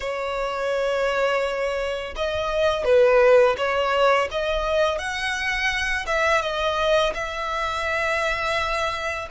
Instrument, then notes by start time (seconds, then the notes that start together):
violin
0.00 C#5
2.16 D#5
2.84 B4
3.57 C#5
4.31 D#5
4.98 F#5
6.06 E5
6.41 D#5
7.14 E5